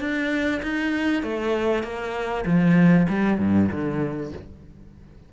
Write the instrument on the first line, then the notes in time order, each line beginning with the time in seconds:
cello
0.00 D4
0.62 D#4
1.23 A3
1.83 A#3
2.46 F3
3.09 G3
3.38 G2
3.71 D3